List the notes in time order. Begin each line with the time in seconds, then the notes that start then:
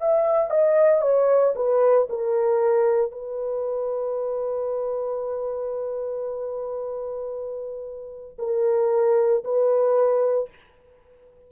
0.00 E5
0.50 D#5
1.01 C#5
1.55 B4
2.10 A#4
3.11 B4
8.39 A#4
9.44 B4